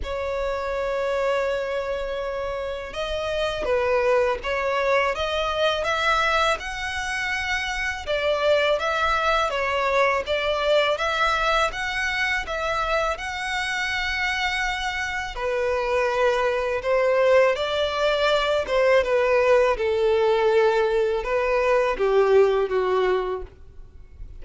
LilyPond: \new Staff \with { instrumentName = "violin" } { \time 4/4 \tempo 4 = 82 cis''1 | dis''4 b'4 cis''4 dis''4 | e''4 fis''2 d''4 | e''4 cis''4 d''4 e''4 |
fis''4 e''4 fis''2~ | fis''4 b'2 c''4 | d''4. c''8 b'4 a'4~ | a'4 b'4 g'4 fis'4 | }